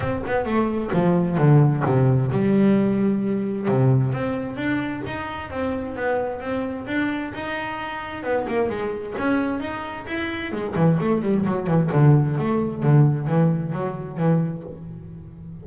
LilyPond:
\new Staff \with { instrumentName = "double bass" } { \time 4/4 \tempo 4 = 131 c'8 b8 a4 f4 d4 | c4 g2. | c4 c'4 d'4 dis'4 | c'4 b4 c'4 d'4 |
dis'2 b8 ais8 gis4 | cis'4 dis'4 e'4 gis8 e8 | a8 g8 fis8 e8 d4 a4 | d4 e4 fis4 e4 | }